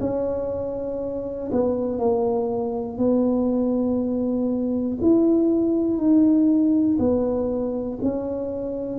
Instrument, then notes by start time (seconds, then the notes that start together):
tuba
0.00 C#4
1.51 B3
1.99 A#3
2.97 B3
5.01 E4
5.97 D#4
6.99 B3
8.02 C#4